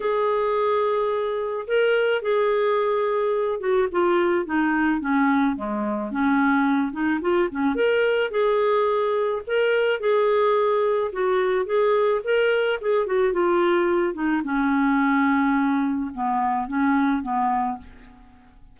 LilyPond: \new Staff \with { instrumentName = "clarinet" } { \time 4/4 \tempo 4 = 108 gis'2. ais'4 | gis'2~ gis'8 fis'8 f'4 | dis'4 cis'4 gis4 cis'4~ | cis'8 dis'8 f'8 cis'8 ais'4 gis'4~ |
gis'4 ais'4 gis'2 | fis'4 gis'4 ais'4 gis'8 fis'8 | f'4. dis'8 cis'2~ | cis'4 b4 cis'4 b4 | }